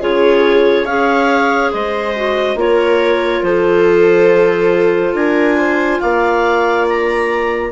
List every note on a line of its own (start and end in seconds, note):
0.00 0.85 C#3
0.00 0.86 F4
0.00 0.85 G#4
0.00 0.85 C#5
0.85 1.70 C#4
0.85 2.15 G#4
0.85 1.70 C#5
0.85 1.71 F5
1.71 2.55 G#3
1.71 2.57 C5
1.71 2.58 D#5
2.15 2.56 F#4
2.55 3.41 A#3
2.55 7.71 F4
2.55 3.45 A#4
2.55 3.43 C#5
3.42 5.13 F3
3.42 5.15 A4
3.42 5.14 C5
5.13 5.99 D4
5.13 5.57 A#4
5.13 6.00 G#5
5.57 6.00 C5
6.00 7.72 A#3
6.00 7.72 D5
6.00 6.86 F5
6.89 7.72 A#5